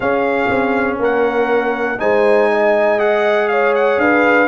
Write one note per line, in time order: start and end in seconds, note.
0.00 0.49 C#4
0.00 1.98 C#4
0.00 0.99 G#4
0.00 0.97 F5
0.50 0.99 C4
0.99 1.99 A#3
0.99 1.99 A#4
0.99 1.99 F#5
1.98 3.97 G#3
1.98 2.98 D#4
1.98 2.50 C5
1.98 2.99 G#5
2.51 3.51 D#5
2.98 4.47 G#4
2.98 3.48 F#5
3.48 4.01 C#5
3.48 3.73 F5
3.74 3.99 F#5
3.97 4.47 D4
3.97 4.47 B4
3.97 4.47 F5